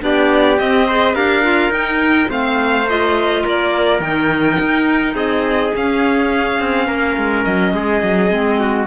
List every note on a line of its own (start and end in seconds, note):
0.00 0.59 B3
0.00 0.57 D4
0.00 0.87 G4
0.00 0.59 D5
0.59 1.15 C4
0.59 0.89 C4
0.59 1.15 D#5
0.87 1.15 G#4
0.87 1.15 C5
1.15 1.69 D4
1.15 1.43 G4
1.15 2.29 A#4
1.15 1.72 F5
1.43 1.72 F4
1.69 2.27 D#4
1.69 2.28 D#4
1.69 2.30 G5
2.28 3.43 A3
2.28 2.85 C4
2.28 3.44 C5
2.28 2.89 F5
2.89 4.00 F4
2.89 3.46 D#5
3.44 4.00 A#3
3.44 5.15 A#4
3.44 4.01 D5
4.00 4.57 D#3
4.00 5.72 D#4
4.00 5.15 G5
4.60 5.15 D#4
5.15 5.72 C4
5.15 6.87 G#4
5.15 5.74 D#5
5.75 6.59 C#4
5.75 8.30 C#4
5.75 7.44 F5
6.59 6.88 C4
6.87 7.16 A#3
6.87 7.72 A#4
7.17 7.45 G#3
7.44 7.73 F#3
7.44 8.87 D#5
7.73 8.02 G#3
7.73 8.59 G#4
8.02 8.31 F#3
8.30 8.87 G#3
8.30 8.87 C4
8.59 8.87 F#4